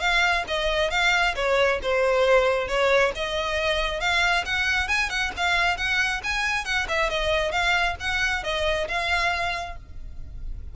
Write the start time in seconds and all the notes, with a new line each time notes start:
0.00 F5
0.48 D#5
0.91 F5
1.36 C#5
1.82 C5
2.68 C#5
3.15 D#5
4.00 F5
4.45 F#5
4.88 G#5
5.10 F#5
5.37 F5
5.77 F#5
6.24 G#5
6.65 F#5
6.88 E5
7.10 D#5
7.52 F5
8.00 F#5
8.44 D#5
8.88 F5